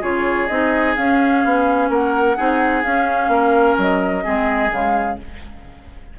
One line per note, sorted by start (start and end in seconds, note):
0.00 0.49 C#3
0.00 0.48 F4
0.00 1.88 G#4
0.00 0.47 C#5
0.47 0.96 C4
0.47 0.96 D#4
0.47 0.94 D#5
0.96 1.44 C#4
0.96 2.37 C#4
0.96 1.90 F5
1.44 1.89 B3
1.89 2.36 A#3
1.89 2.36 A#4
1.89 2.83 F#5
2.36 2.84 C4
2.36 2.83 D#4
2.36 3.30 G#4
2.83 3.28 C#4
2.83 4.23 C#4
2.83 3.76 F5
3.28 3.75 A#3
3.28 4.24 A#4
3.77 4.24 F#3
3.77 4.72 D#5
4.23 4.71 G#3
4.23 4.70 C4
4.23 5.18 G#4
4.71 5.18 C#3
4.71 5.18 G#3
4.71 5.19 F5